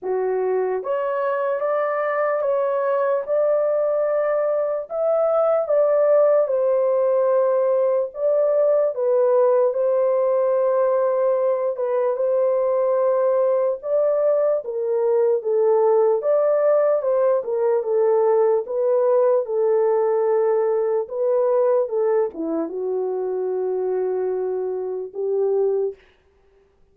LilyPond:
\new Staff \with { instrumentName = "horn" } { \time 4/4 \tempo 4 = 74 fis'4 cis''4 d''4 cis''4 | d''2 e''4 d''4 | c''2 d''4 b'4 | c''2~ c''8 b'8 c''4~ |
c''4 d''4 ais'4 a'4 | d''4 c''8 ais'8 a'4 b'4 | a'2 b'4 a'8 e'8 | fis'2. g'4 | }